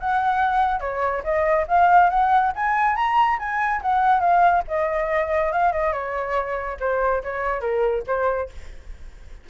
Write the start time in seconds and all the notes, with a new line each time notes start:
0.00 F#5
0.80 C#5
1.24 D#5
1.68 F5
2.10 F#5
2.56 G#5
2.96 A#5
3.39 G#5
3.82 F#5
4.21 F5
4.68 D#5
5.53 F5
5.73 D#5
5.93 C#5
6.80 C5
7.24 C#5
7.61 A#4
8.07 C5